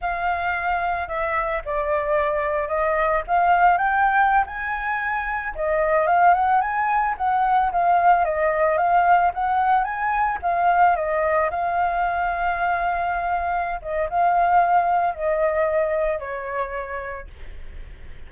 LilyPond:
\new Staff \with { instrumentName = "flute" } { \time 4/4 \tempo 4 = 111 f''2 e''4 d''4~ | d''4 dis''4 f''4 g''4~ | g''16 gis''2 dis''4 f''8 fis''16~ | fis''16 gis''4 fis''4 f''4 dis''8.~ |
dis''16 f''4 fis''4 gis''4 f''8.~ | f''16 dis''4 f''2~ f''8.~ | f''4. dis''8 f''2 | dis''2 cis''2 | }